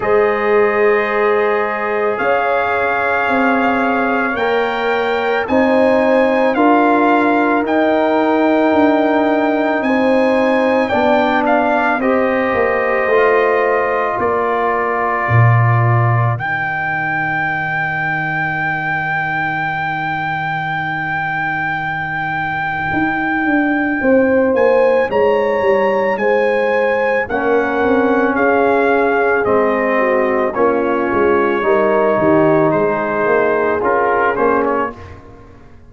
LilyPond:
<<
  \new Staff \with { instrumentName = "trumpet" } { \time 4/4 \tempo 4 = 55 dis''2 f''2 | g''4 gis''4 f''4 g''4~ | g''4 gis''4 g''8 f''8 dis''4~ | dis''4 d''2 g''4~ |
g''1~ | g''2~ g''8 gis''8 ais''4 | gis''4 fis''4 f''4 dis''4 | cis''2 c''4 ais'8 c''16 cis''16 | }
  \new Staff \with { instrumentName = "horn" } { \time 4/4 c''2 cis''2~ | cis''4 c''4 ais'2~ | ais'4 c''4 d''4 c''4~ | c''4 ais'2.~ |
ais'1~ | ais'2 c''4 cis''4 | c''4 ais'4 gis'4. fis'8 | f'4 ais'8 g'8 gis'2 | }
  \new Staff \with { instrumentName = "trombone" } { \time 4/4 gis'1 | ais'4 dis'4 f'4 dis'4~ | dis'2 d'4 g'4 | f'2. dis'4~ |
dis'1~ | dis'1~ | dis'4 cis'2 c'4 | cis'4 dis'2 f'8 cis'8 | }
  \new Staff \with { instrumentName = "tuba" } { \time 4/4 gis2 cis'4 c'4 | ais4 c'4 d'4 dis'4 | d'4 c'4 b4 c'8 ais8 | a4 ais4 ais,4 dis4~ |
dis1~ | dis4 dis'8 d'8 c'8 ais8 gis8 g8 | gis4 ais8 c'8 cis'4 gis4 | ais8 gis8 g8 dis8 gis8 ais8 cis'8 ais8 | }
>>